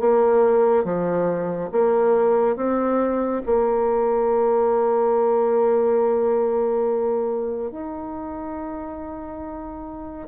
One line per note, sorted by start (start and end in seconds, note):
0.00 0.85 A#3
0.85 1.70 F3
1.72 2.56 A#3
2.56 3.42 C4
3.46 7.71 A#3
7.71 10.28 D#4